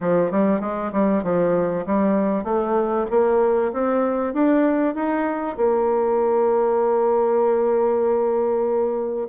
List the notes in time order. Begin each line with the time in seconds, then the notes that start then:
0.01 F3
0.31 G3
0.60 G#3
0.92 G3
1.23 F3
1.86 G3
2.43 A3
3.10 A#3
3.73 C4
4.33 D4
4.95 D#4
5.56 A#3